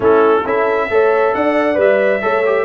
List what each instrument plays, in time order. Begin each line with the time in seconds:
0.00 tuba A3, trombone C#4, horn E4, trumpet A4
0.45 tuba C#4, trombone E4, horn A4, trumpet E5
0.89 tuba A3, trombone A4, horn C#5
1.34 tuba D4, horn D5, trumpet F#5
1.74 tuba G3, trombone B4, trumpet E5
2.21 tuba A3, trombone A4, horn C#5
2.45 trombone G4